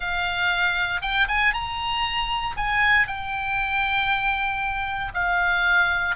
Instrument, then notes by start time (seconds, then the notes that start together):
oboe
0.00 F5
1.01 G5
1.28 G#5
1.53 A#5
2.56 G#5
3.07 G5
5.14 F5